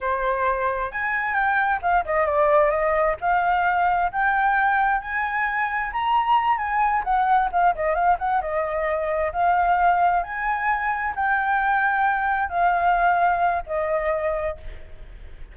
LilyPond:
\new Staff \with { instrumentName = "flute" } { \time 4/4 \tempo 4 = 132 c''2 gis''4 g''4 | f''8 dis''8 d''4 dis''4 f''4~ | f''4 g''2 gis''4~ | gis''4 ais''4. gis''4 fis''8~ |
fis''8 f''8 dis''8 f''8 fis''8 dis''4.~ | dis''8 f''2 gis''4.~ | gis''8 g''2. f''8~ | f''2 dis''2 | }